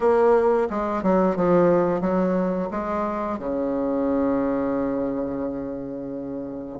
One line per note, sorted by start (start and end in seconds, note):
0.00 0.68 A#3
0.70 1.02 G#3
1.02 1.36 F#3
1.36 2.01 F3
2.01 2.69 F#3
2.70 3.38 G#3
3.38 6.79 C#3